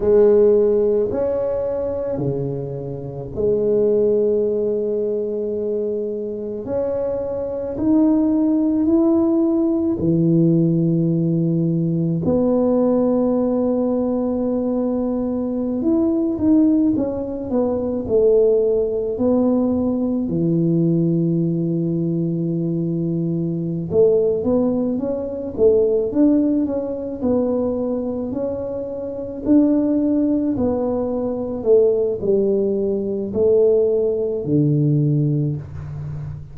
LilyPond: \new Staff \with { instrumentName = "tuba" } { \time 4/4 \tempo 4 = 54 gis4 cis'4 cis4 gis4~ | gis2 cis'4 dis'4 | e'4 e2 b4~ | b2~ b16 e'8 dis'8 cis'8 b16~ |
b16 a4 b4 e4.~ e16~ | e4. a8 b8 cis'8 a8 d'8 | cis'8 b4 cis'4 d'4 b8~ | b8 a8 g4 a4 d4 | }